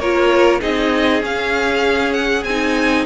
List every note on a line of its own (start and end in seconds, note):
0.00 0.61 A#3
0.00 0.60 F4
0.00 0.61 A#4
0.00 0.61 C#5
0.60 1.23 C4
0.60 1.21 D#4
0.60 3.06 G#4
0.60 1.23 D#5
1.21 2.44 C#4
1.21 2.45 C#4
1.21 2.13 F5
2.13 2.44 F#5
2.44 3.06 C4
2.44 3.06 D#4
2.44 3.05 G#5